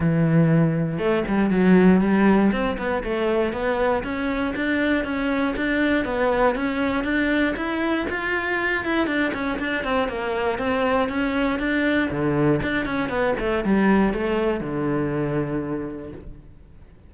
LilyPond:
\new Staff \with { instrumentName = "cello" } { \time 4/4 \tempo 4 = 119 e2 a8 g8 fis4 | g4 c'8 b8 a4 b4 | cis'4 d'4 cis'4 d'4 | b4 cis'4 d'4 e'4 |
f'4. e'8 d'8 cis'8 d'8 c'8 | ais4 c'4 cis'4 d'4 | d4 d'8 cis'8 b8 a8 g4 | a4 d2. | }